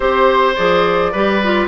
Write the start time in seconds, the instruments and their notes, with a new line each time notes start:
0.00 bassoon C4, clarinet G4, flute C5, oboe C5
0.55 bassoon F3, clarinet G#4, flute D5
1.12 bassoon G3, clarinet G4, oboe B4
1.43 clarinet F4